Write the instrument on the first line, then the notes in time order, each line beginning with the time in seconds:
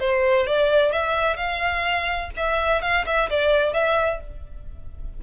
violin
0.00 C5
0.47 D5
0.92 E5
1.37 F5
2.37 E5
2.82 F5
3.06 E5
3.30 D5
3.74 E5